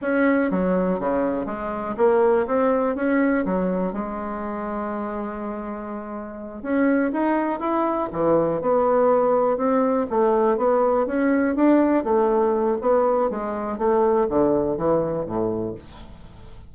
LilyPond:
\new Staff \with { instrumentName = "bassoon" } { \time 4/4 \tempo 4 = 122 cis'4 fis4 cis4 gis4 | ais4 c'4 cis'4 fis4 | gis1~ | gis4. cis'4 dis'4 e'8~ |
e'8 e4 b2 c'8~ | c'8 a4 b4 cis'4 d'8~ | d'8 a4. b4 gis4 | a4 d4 e4 a,4 | }